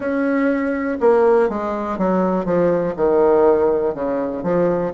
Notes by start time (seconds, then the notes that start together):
0.00 C#4
1.00 A#3
1.49 G#3
1.98 F#3
2.45 F3
2.96 D#3
3.94 C#3
4.43 F3